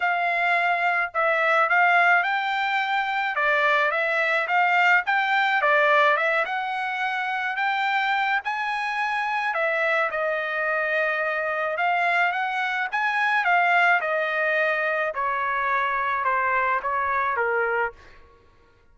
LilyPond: \new Staff \with { instrumentName = "trumpet" } { \time 4/4 \tempo 4 = 107 f''2 e''4 f''4 | g''2 d''4 e''4 | f''4 g''4 d''4 e''8 fis''8~ | fis''4. g''4. gis''4~ |
gis''4 e''4 dis''2~ | dis''4 f''4 fis''4 gis''4 | f''4 dis''2 cis''4~ | cis''4 c''4 cis''4 ais'4 | }